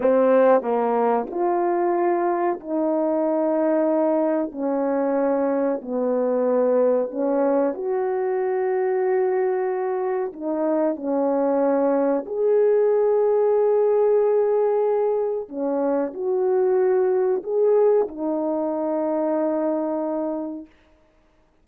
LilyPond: \new Staff \with { instrumentName = "horn" } { \time 4/4 \tempo 4 = 93 c'4 ais4 f'2 | dis'2. cis'4~ | cis'4 b2 cis'4 | fis'1 |
dis'4 cis'2 gis'4~ | gis'1 | cis'4 fis'2 gis'4 | dis'1 | }